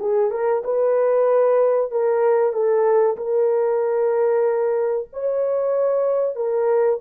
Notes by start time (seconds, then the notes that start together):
0.00 G#4
0.32 A#4
0.64 B4
1.92 A#4
2.53 A4
3.17 A#4
5.14 C#5
6.36 A#4